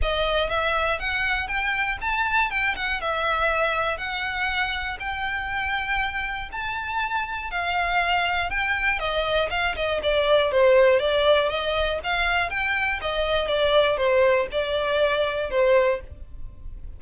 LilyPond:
\new Staff \with { instrumentName = "violin" } { \time 4/4 \tempo 4 = 120 dis''4 e''4 fis''4 g''4 | a''4 g''8 fis''8 e''2 | fis''2 g''2~ | g''4 a''2 f''4~ |
f''4 g''4 dis''4 f''8 dis''8 | d''4 c''4 d''4 dis''4 | f''4 g''4 dis''4 d''4 | c''4 d''2 c''4 | }